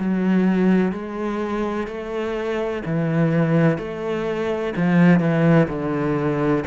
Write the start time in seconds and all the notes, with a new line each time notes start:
0.00 F#3
0.93 G#3
1.88 A3
2.86 E3
3.79 A3
4.77 F3
5.20 E3
5.69 D3